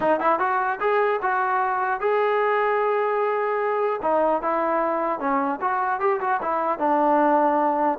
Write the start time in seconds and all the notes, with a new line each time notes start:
0.00 D#4
0.19 E4
0.39 F#4
0.80 G#4
1.22 F#4
2.00 G#4
4.02 D#4
4.42 E4
5.19 C#4
5.61 F#4
5.99 G4
6.20 F#4
6.41 E4
6.78 D4